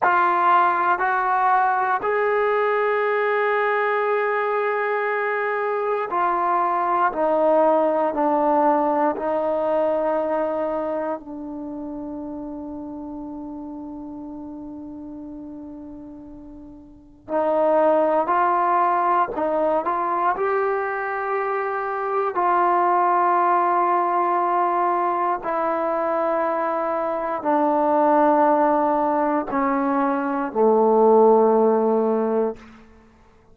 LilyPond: \new Staff \with { instrumentName = "trombone" } { \time 4/4 \tempo 4 = 59 f'4 fis'4 gis'2~ | gis'2 f'4 dis'4 | d'4 dis'2 d'4~ | d'1~ |
d'4 dis'4 f'4 dis'8 f'8 | g'2 f'2~ | f'4 e'2 d'4~ | d'4 cis'4 a2 | }